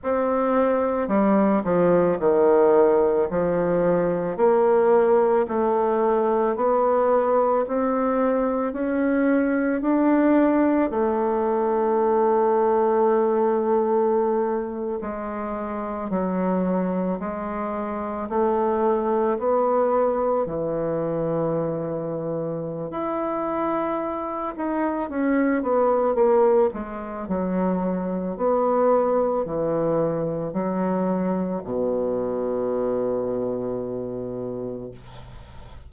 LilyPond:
\new Staff \with { instrumentName = "bassoon" } { \time 4/4 \tempo 4 = 55 c'4 g8 f8 dis4 f4 | ais4 a4 b4 c'4 | cis'4 d'4 a2~ | a4.~ a16 gis4 fis4 gis16~ |
gis8. a4 b4 e4~ e16~ | e4 e'4. dis'8 cis'8 b8 | ais8 gis8 fis4 b4 e4 | fis4 b,2. | }